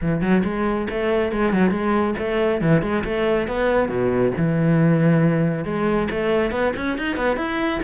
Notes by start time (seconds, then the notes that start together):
0.01 E3
0.21 F#3
0.44 G#3
0.89 A3
1.32 G#3
1.53 F#3
1.71 G#3
2.18 A3
2.61 E3
2.82 G#3
3.04 A3
3.47 B3
3.88 B2
4.37 E3
5.64 G#3
6.10 A3
6.51 B3
6.76 C#4
6.98 D#4
7.16 B3
7.37 E4